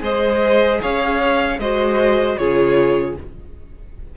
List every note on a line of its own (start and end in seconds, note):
0.00 0.80 G#3
0.00 1.56 G#4
0.00 0.81 C5
0.00 0.81 D#5
0.81 1.58 C#4
0.81 1.59 C#5
0.81 1.59 F5
1.58 2.36 G#3
1.58 2.38 F#4
1.58 2.39 C5
1.58 2.37 D#5
2.37 3.17 C#3
2.37 3.16 F4
2.37 3.17 G#4
2.37 3.15 C#5